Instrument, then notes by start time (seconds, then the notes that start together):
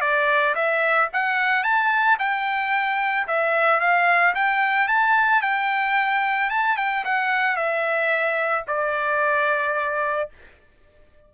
trumpet
0.00 D5
0.55 E5
1.13 F#5
1.63 A5
2.19 G5
3.27 E5
3.80 F5
4.35 G5
4.87 A5
5.42 G5
6.49 A5
6.77 G5
7.04 F#5
7.56 E5
8.67 D5